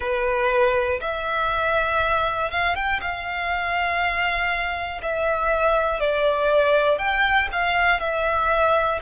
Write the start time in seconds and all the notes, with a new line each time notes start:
0.00 B4
1.00 E5
2.50 F5
2.75 G5
3.01 F5
5.02 E5
6.00 D5
6.98 G5
7.51 F5
8.00 E5